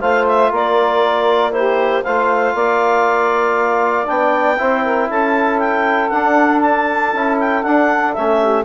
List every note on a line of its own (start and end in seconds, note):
0.00 0.51 A3
0.00 1.51 F4
0.00 0.50 C5
0.00 0.25 F5
0.26 0.52 E5
0.50 2.03 A#3
0.50 1.52 A#4
0.50 1.52 D5
1.51 2.02 E4
1.51 2.03 G4
1.51 2.03 C5
2.03 2.54 A3
2.03 4.05 F4
2.03 2.54 C5
2.03 4.07 F5
2.54 4.07 A#3
2.54 4.58 D5
4.05 4.60 B3
4.05 4.56 D4
4.05 5.09 G5
4.58 5.09 C4
4.58 6.10 E4
4.58 4.83 C5
4.83 5.09 A#4
5.09 6.11 C#4
5.09 8.39 A4
5.09 5.59 A5
5.59 6.09 G5
6.09 7.13 D4
6.09 7.14 D4
6.09 6.60 F#5
6.62 7.38 A5
7.13 7.64 C#4
7.13 7.63 E4
7.39 7.62 G5
7.62 8.14 D4
7.62 8.17 D4
7.62 8.13 F#5
8.13 8.65 A3
8.13 8.65 C#4
8.13 8.64 E5
8.39 8.65 G4